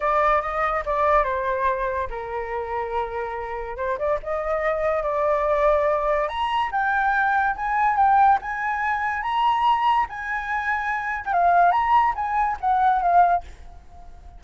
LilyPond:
\new Staff \with { instrumentName = "flute" } { \time 4/4 \tempo 4 = 143 d''4 dis''4 d''4 c''4~ | c''4 ais'2.~ | ais'4 c''8 d''8 dis''2 | d''2. ais''4 |
g''2 gis''4 g''4 | gis''2 ais''2 | gis''2~ gis''8. g''16 f''4 | ais''4 gis''4 fis''4 f''4 | }